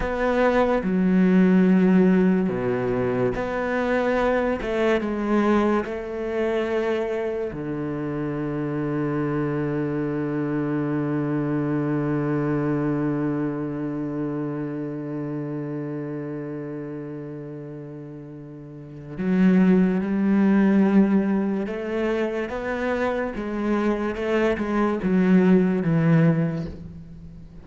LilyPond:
\new Staff \with { instrumentName = "cello" } { \time 4/4 \tempo 4 = 72 b4 fis2 b,4 | b4. a8 gis4 a4~ | a4 d2.~ | d1~ |
d1~ | d2. fis4 | g2 a4 b4 | gis4 a8 gis8 fis4 e4 | }